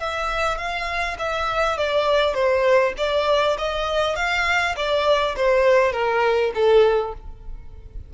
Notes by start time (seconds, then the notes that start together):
0.00 E5
0.58 F5
1.19 E5
1.78 D5
2.34 C5
2.98 D5
3.59 D#5
4.16 F5
4.76 D5
5.37 C5
5.92 A#4
6.55 A4